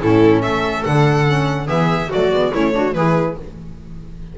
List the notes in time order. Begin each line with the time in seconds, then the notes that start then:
0.00 A2 C#4 E4 A4
0.42 A3 A4 E5
0.84 D3 D4 F#5
1.26 C#4
1.67 E3 B3 G#4 E5
2.09 F#3 A3 F#4 D5
2.31 G#3 B3
2.54 A3 C#4 E4 C#5
2.72 D4 F#4
2.94 E3 E4 G#4 B4